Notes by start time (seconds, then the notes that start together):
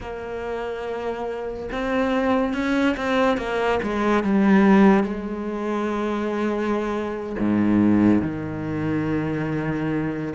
0.00 A#3
1.71 C4
2.53 C#4
2.97 C4
3.37 A#3
3.82 G#3
4.23 G3
5.03 G#3
7.39 G#2
8.22 D#3